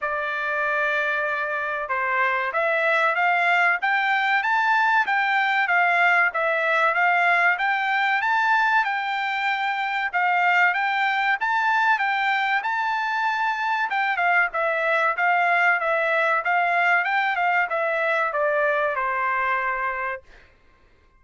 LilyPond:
\new Staff \with { instrumentName = "trumpet" } { \time 4/4 \tempo 4 = 95 d''2. c''4 | e''4 f''4 g''4 a''4 | g''4 f''4 e''4 f''4 | g''4 a''4 g''2 |
f''4 g''4 a''4 g''4 | a''2 g''8 f''8 e''4 | f''4 e''4 f''4 g''8 f''8 | e''4 d''4 c''2 | }